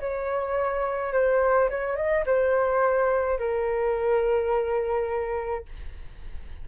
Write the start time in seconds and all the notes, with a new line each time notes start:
0.00 C#5
1.13 C5
1.70 C#5
1.96 D#5
2.26 C5
3.39 A#4